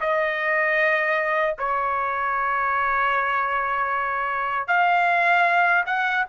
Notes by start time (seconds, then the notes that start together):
0.00 D#5
1.58 C#5
4.67 F5
5.86 F#5